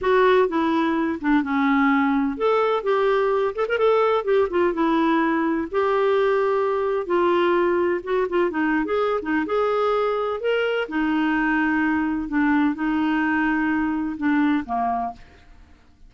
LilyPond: \new Staff \with { instrumentName = "clarinet" } { \time 4/4 \tempo 4 = 127 fis'4 e'4. d'8 cis'4~ | cis'4 a'4 g'4. a'16 ais'16 | a'4 g'8 f'8 e'2 | g'2. f'4~ |
f'4 fis'8 f'8 dis'8. gis'8. dis'8 | gis'2 ais'4 dis'4~ | dis'2 d'4 dis'4~ | dis'2 d'4 ais4 | }